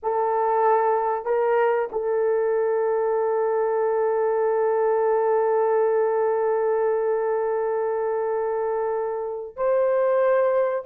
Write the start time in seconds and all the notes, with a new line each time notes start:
0.02 A4
1.25 A#4
1.92 A4
9.56 C5